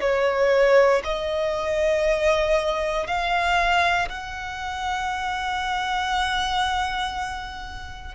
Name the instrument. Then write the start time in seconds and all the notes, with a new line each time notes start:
violin
0.00 C#5
1.04 D#5
3.07 F5
4.09 F#5